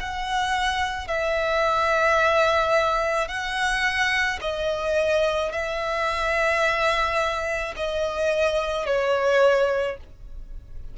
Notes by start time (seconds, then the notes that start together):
0.00 F#5
1.08 E5
3.28 F#5
4.41 D#5
5.52 E5
7.76 D#5
8.86 C#5